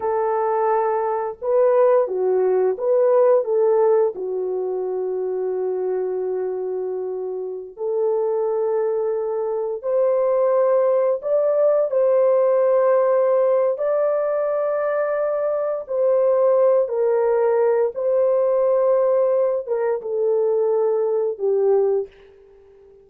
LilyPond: \new Staff \with { instrumentName = "horn" } { \time 4/4 \tempo 4 = 87 a'2 b'4 fis'4 | b'4 a'4 fis'2~ | fis'2.~ fis'16 a'8.~ | a'2~ a'16 c''4.~ c''16~ |
c''16 d''4 c''2~ c''8. | d''2. c''4~ | c''8 ais'4. c''2~ | c''8 ais'8 a'2 g'4 | }